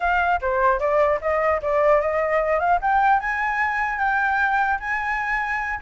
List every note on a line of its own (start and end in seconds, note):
0.00 0.40 F5
0.41 0.79 C5
0.79 1.19 D5
1.21 1.61 D#5
1.61 2.01 D5
2.01 2.59 D#5
2.59 2.79 F5
2.81 3.20 G5
3.20 3.99 G#5
3.99 4.79 G5
4.79 5.79 G#5